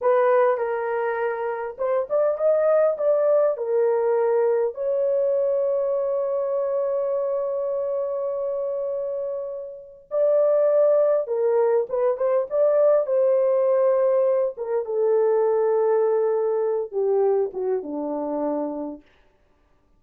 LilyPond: \new Staff \with { instrumentName = "horn" } { \time 4/4 \tempo 4 = 101 b'4 ais'2 c''8 d''8 | dis''4 d''4 ais'2 | cis''1~ | cis''1~ |
cis''4 d''2 ais'4 | b'8 c''8 d''4 c''2~ | c''8 ais'8 a'2.~ | a'8 g'4 fis'8 d'2 | }